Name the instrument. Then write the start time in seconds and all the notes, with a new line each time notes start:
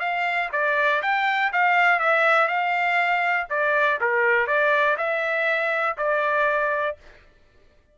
trumpet
0.00 F5
0.53 D5
1.02 G5
1.53 F5
1.99 E5
2.48 F5
3.50 D5
4.01 A#4
4.47 D5
4.97 E5
5.98 D5